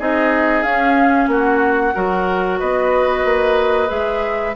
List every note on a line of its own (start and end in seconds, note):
0.00 0.64 C4
0.00 0.65 D#4
0.00 1.30 G#4
0.00 0.63 D#5
0.63 1.28 C#4
0.63 1.95 C#4
0.63 1.29 F5
1.28 1.93 A#3
1.28 1.95 F#4
1.28 2.60 F#5
1.95 2.62 F#3
1.95 3.88 F#4
1.95 2.60 A#4
2.60 3.25 B3
2.60 4.55 B4
2.60 3.90 D#5
3.25 3.90 A#3
3.88 4.56 G#3
3.88 4.53 G#4
3.88 4.55 E5